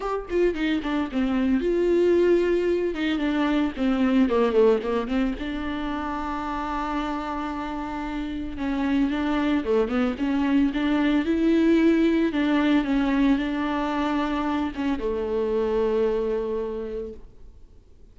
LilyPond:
\new Staff \with { instrumentName = "viola" } { \time 4/4 \tempo 4 = 112 g'8 f'8 dis'8 d'8 c'4 f'4~ | f'4. dis'8 d'4 c'4 | ais8 a8 ais8 c'8 d'2~ | d'1 |
cis'4 d'4 a8 b8 cis'4 | d'4 e'2 d'4 | cis'4 d'2~ d'8 cis'8 | a1 | }